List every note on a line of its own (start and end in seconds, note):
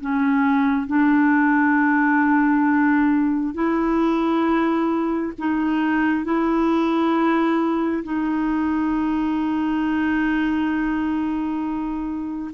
0.00 0.87 C#4
0.87 3.53 D4
3.53 5.32 E4
5.38 6.24 D#4
6.24 8.03 E4
8.03 12.51 D#4